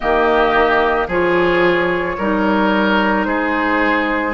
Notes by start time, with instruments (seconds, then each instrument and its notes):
0.00 bassoon D#3, clarinet A#3, oboe G4, flute D#5
1.07 bassoon F3, clarinet F4, oboe G#4, flute C#5
2.18 bassoon G3, clarinet D#4, oboe A#4
3.24 bassoon G#3, oboe G#4, flute C5